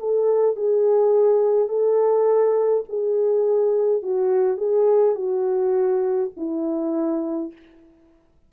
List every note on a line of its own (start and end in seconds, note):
0.00 0.56 A4
0.56 1.69 G#4
1.69 2.84 A4
2.89 4.03 G#4
4.03 4.58 F#4
4.58 5.16 G#4
5.16 6.30 F#4
6.37 7.53 E4